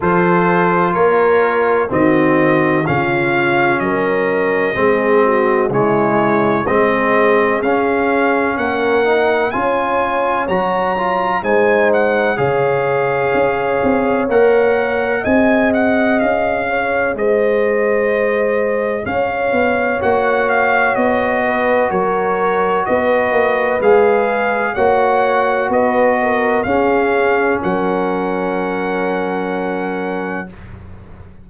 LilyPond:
<<
  \new Staff \with { instrumentName = "trumpet" } { \time 4/4 \tempo 4 = 63 c''4 cis''4 dis''4 f''4 | dis''2 cis''4 dis''4 | f''4 fis''4 gis''4 ais''4 | gis''8 fis''8 f''2 fis''4 |
gis''8 fis''8 f''4 dis''2 | f''4 fis''8 f''8 dis''4 cis''4 | dis''4 f''4 fis''4 dis''4 | f''4 fis''2. | }
  \new Staff \with { instrumentName = "horn" } { \time 4/4 a'4 ais'4 fis'4 f'4 | ais'4 gis'8 fis'8 e'4 gis'4~ | gis'4 ais'4 cis''2 | c''4 cis''2. |
dis''4. cis''8 c''2 | cis''2~ cis''8 b'8 ais'4 | b'2 cis''4 b'8 ais'8 | gis'4 ais'2. | }
  \new Staff \with { instrumentName = "trombone" } { \time 4/4 f'2 c'4 cis'4~ | cis'4 c'4 gis4 c'4 | cis'4. dis'8 f'4 fis'8 f'8 | dis'4 gis'2 ais'4 |
gis'1~ | gis'4 fis'2.~ | fis'4 gis'4 fis'2 | cis'1 | }
  \new Staff \with { instrumentName = "tuba" } { \time 4/4 f4 ais4 dis4 cis4 | fis4 gis4 cis4 gis4 | cis'4 ais4 cis'4 fis4 | gis4 cis4 cis'8 c'8 ais4 |
c'4 cis'4 gis2 | cis'8 b8 ais4 b4 fis4 | b8 ais8 gis4 ais4 b4 | cis'4 fis2. | }
>>